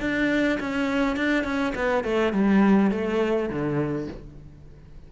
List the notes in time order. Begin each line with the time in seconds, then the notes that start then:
0.00 D4
0.60 C#4
1.16 D4
1.44 C#4
1.75 B3
2.03 A3
2.32 G3
2.91 A3
3.49 D3